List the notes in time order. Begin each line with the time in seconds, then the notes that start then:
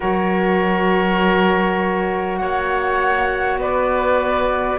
0.00 F#3 F#4 A#4 C#5
2.37 A#3 C#5 F#5
3.58 B3 B4 D5